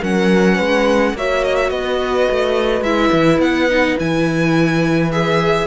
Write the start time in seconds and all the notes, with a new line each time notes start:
0.00 F#3 C#4 A#4 F#5
0.55 G#3 B4
1.14 A#3 F#4 C#5 E5
1.44 D#5
1.56 E5
1.70 B3 B4 D#5
2.31 A3
2.81 G#3 E4 E5
3.12 E3
3.39 B3 F#5
3.70 D#4
3.98 E3 E4 G#5
5.12 G#4 E5